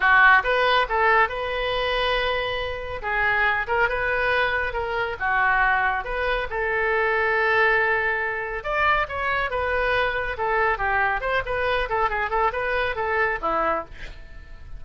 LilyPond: \new Staff \with { instrumentName = "oboe" } { \time 4/4 \tempo 4 = 139 fis'4 b'4 a'4 b'4~ | b'2. gis'4~ | gis'8 ais'8 b'2 ais'4 | fis'2 b'4 a'4~ |
a'1 | d''4 cis''4 b'2 | a'4 g'4 c''8 b'4 a'8 | gis'8 a'8 b'4 a'4 e'4 | }